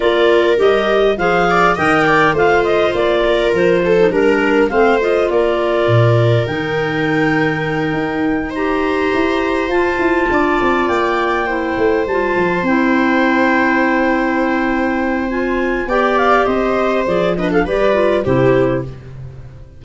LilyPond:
<<
  \new Staff \with { instrumentName = "clarinet" } { \time 4/4 \tempo 4 = 102 d''4 dis''4 f''4 g''4 | f''8 dis''8 d''4 c''4 ais'4 | f''8 dis''8 d''2 g''4~ | g''2~ g''8 ais''4.~ |
ais''8 a''2 g''4.~ | g''8 a''4 g''2~ g''8~ | g''2 gis''4 g''8 f''8 | dis''4 d''8 dis''16 f''16 d''4 c''4 | }
  \new Staff \with { instrumentName = "viola" } { \time 4/4 ais'2 c''8 d''8 dis''8 d''8 | c''4. ais'4 a'8 ais'4 | c''4 ais'2.~ | ais'2~ ais'8 c''4.~ |
c''4. d''2 c''8~ | c''1~ | c''2. d''4 | c''4. b'16 a'16 b'4 g'4 | }
  \new Staff \with { instrumentName = "clarinet" } { \time 4/4 f'4 g'4 gis'4 ais'4 | f'2~ f'8. dis'16 d'4 | c'8 f'2~ f'8 dis'4~ | dis'2~ dis'8 g'4.~ |
g'8 f'2. e'8~ | e'8 f'4 e'2~ e'8~ | e'2 f'4 g'4~ | g'4 gis'8 d'8 g'8 f'8 e'4 | }
  \new Staff \with { instrumentName = "tuba" } { \time 4/4 ais4 g4 f4 dis4 | a4 ais4 f4 g4 | a4 ais4 ais,4 dis4~ | dis4. dis'2 e'8~ |
e'8 f'8 e'8 d'8 c'8 ais4. | a8 g8 f8 c'2~ c'8~ | c'2. b4 | c'4 f4 g4 c4 | }
>>